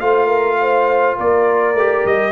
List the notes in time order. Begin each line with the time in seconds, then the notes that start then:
0.00 A3 F4 C5 F5
0.27 A#4
0.61 C5
1.17 A#3 A#4 D5
1.74 A3 G4
2.05 G3 D#5